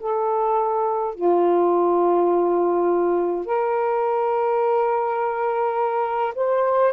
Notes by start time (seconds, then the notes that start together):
0.00 A4
1.15 F4
3.46 A#4
6.35 C5